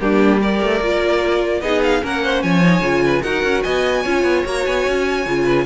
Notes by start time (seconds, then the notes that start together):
0.00 G3 A#3 D4 G4
0.39 G4 A#4 D5
0.61 A3
0.80 A#3 F4
1.61 B3 D#4 G#4 D#5
1.83 F5
2.01 A#3 C#4 A#4 F#5
2.23 C5
2.41 F3 C#5 G#5
2.63 D#4
2.80 C#3 F4
3.04 B4
3.22 D#4 F#4 A#4 F#5
3.43 C#4
3.62 B3 D#5 G#5
4.01 C#4 F4 C#5
4.23 B3
4.45 A#3 F#4 A#5
4.65 B3 G#5
4.87 C#4
5.26 C#3 F4
5.44 B4